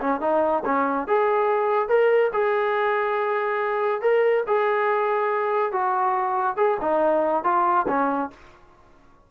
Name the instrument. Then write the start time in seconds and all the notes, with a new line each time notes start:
trombone
0.00 C#4
0.21 D#4
0.65 C#4
1.07 G#4
1.89 A#4
2.33 G#4
4.01 A#4
4.47 G#4
5.72 F#4
6.56 G#4
6.81 D#4
7.44 F4
7.88 C#4